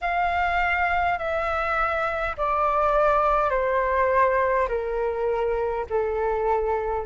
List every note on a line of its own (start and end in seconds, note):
0.01 1.18 F5
1.18 2.35 E5
2.37 3.50 D5
3.50 4.67 C5
4.68 5.86 A#4
5.89 7.05 A4